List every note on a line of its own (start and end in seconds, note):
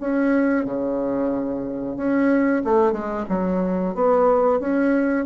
0.00 0.65 C#4
0.65 1.97 C#3
1.97 2.63 C#4
2.64 2.92 A3
2.92 3.25 G#3
3.29 3.95 F#3
3.95 4.60 B3
4.60 5.25 C#4